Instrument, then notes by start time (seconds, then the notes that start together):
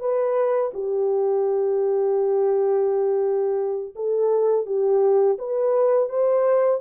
horn
0.00 B4
0.73 G4
3.95 A4
4.66 G4
5.38 B4
6.09 C5